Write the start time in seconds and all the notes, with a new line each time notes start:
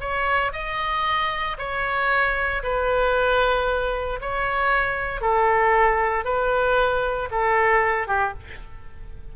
0.00 C#5
0.53 D#5
1.58 C#5
2.63 B4
4.21 C#5
5.21 A4
6.24 B4
7.31 A4
8.07 G4